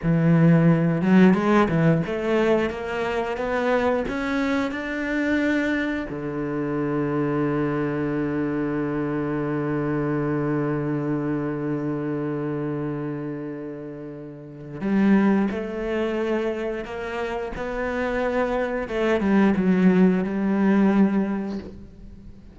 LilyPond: \new Staff \with { instrumentName = "cello" } { \time 4/4 \tempo 4 = 89 e4. fis8 gis8 e8 a4 | ais4 b4 cis'4 d'4~ | d'4 d2.~ | d1~ |
d1~ | d2 g4 a4~ | a4 ais4 b2 | a8 g8 fis4 g2 | }